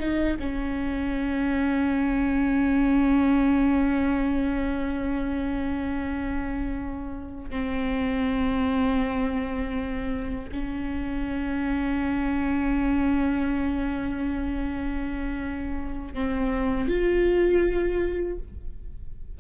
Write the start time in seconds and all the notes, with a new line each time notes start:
0.00 D#4
0.40 C#4
7.51 C4
10.53 C#4
16.14 C4
16.89 F4